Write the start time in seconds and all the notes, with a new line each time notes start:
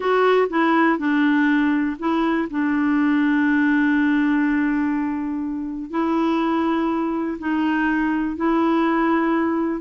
0.00 F#4
0.49 E4
0.98 D4
1.99 E4
2.50 D4
5.90 E4
7.38 D#4
8.36 E4